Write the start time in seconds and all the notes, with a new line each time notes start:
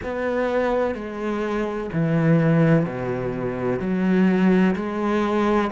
0.03 B3
0.94 G#3
1.92 E3
2.85 B2
3.79 F#3
4.75 G#3